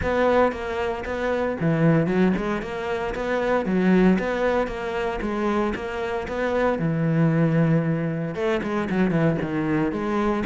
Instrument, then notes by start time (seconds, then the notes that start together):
cello
0.02 B3
0.51 A#3
1.05 B3
1.60 E3
2.06 F#3
2.36 G#3
2.62 A#3
3.14 B3
3.65 F#3
4.19 B3
4.67 A#3
5.21 G#3
5.75 A#3
6.28 B3
6.78 E3
8.34 A3
8.62 G#3
8.89 F#3
9.10 E3
9.41 D#3
9.92 G#3